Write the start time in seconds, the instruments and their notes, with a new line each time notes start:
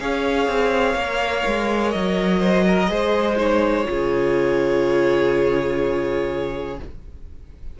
0.00 cello C#4, viola G#4, violin C#5 F5
0.48 cello C4
0.95 cello A#3, viola A#4
1.47 cello G#3
1.91 cello F#3, violin D#5
2.40 violin C5
2.68 violin A#4
2.88 cello G#3, viola G#4, violin C5
3.36 viola D#4, violin C#5
3.84 cello C#3, viola F4, violin G#4